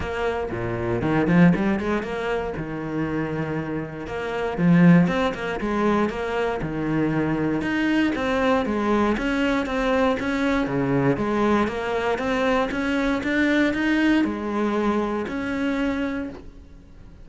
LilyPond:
\new Staff \with { instrumentName = "cello" } { \time 4/4 \tempo 4 = 118 ais4 ais,4 dis8 f8 g8 gis8 | ais4 dis2. | ais4 f4 c'8 ais8 gis4 | ais4 dis2 dis'4 |
c'4 gis4 cis'4 c'4 | cis'4 cis4 gis4 ais4 | c'4 cis'4 d'4 dis'4 | gis2 cis'2 | }